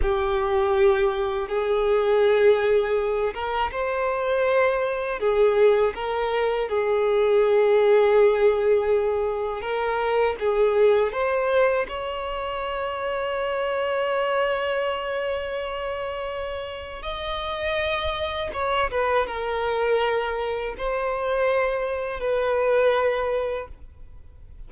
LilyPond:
\new Staff \with { instrumentName = "violin" } { \time 4/4 \tempo 4 = 81 g'2 gis'2~ | gis'8 ais'8 c''2 gis'4 | ais'4 gis'2.~ | gis'4 ais'4 gis'4 c''4 |
cis''1~ | cis''2. dis''4~ | dis''4 cis''8 b'8 ais'2 | c''2 b'2 | }